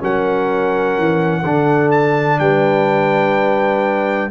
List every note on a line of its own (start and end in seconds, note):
0.00 0.98 F#3
0.00 1.44 C#4
0.00 1.42 A#4
0.00 1.92 F#5
0.98 1.44 E3
1.42 2.40 D3
1.42 4.31 D4
1.42 2.38 A4
1.92 2.39 A5
2.39 4.31 G3
2.39 4.31 B4
2.39 4.31 G5